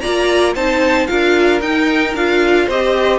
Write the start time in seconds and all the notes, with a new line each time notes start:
0.00 A#3 F4 D5 A#5
0.54 C4 D#4 C5 A5
1.07 D4 F4 A#4 F5
1.61 D#4 G5
2.14 D4 F4 F5
2.65 C4 G4 C5 D#5